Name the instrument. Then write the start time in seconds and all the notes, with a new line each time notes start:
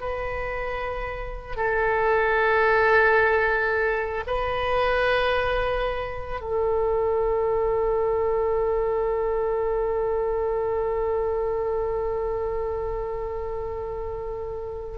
oboe
0.00 B4
1.56 A4
4.27 B4
6.40 A4